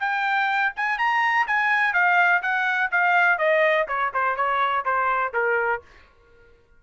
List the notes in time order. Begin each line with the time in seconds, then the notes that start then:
0.00 G5
0.76 G#5
0.98 A#5
1.47 G#5
1.94 F5
2.42 F#5
2.91 F5
3.38 D#5
3.88 C#5
4.14 C5
4.36 C#5
4.85 C5
5.33 A#4